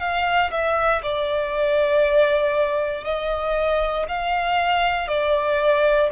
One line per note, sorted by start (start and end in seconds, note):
0.00 0.51 F5
0.51 1.02 E5
1.03 3.04 D5
3.04 4.06 D#5
4.09 5.08 F5
5.08 6.10 D5